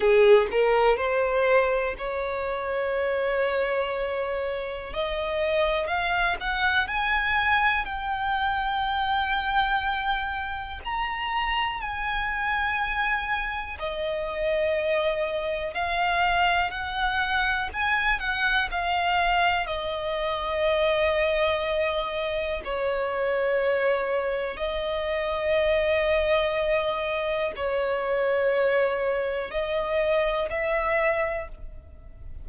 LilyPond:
\new Staff \with { instrumentName = "violin" } { \time 4/4 \tempo 4 = 61 gis'8 ais'8 c''4 cis''2~ | cis''4 dis''4 f''8 fis''8 gis''4 | g''2. ais''4 | gis''2 dis''2 |
f''4 fis''4 gis''8 fis''8 f''4 | dis''2. cis''4~ | cis''4 dis''2. | cis''2 dis''4 e''4 | }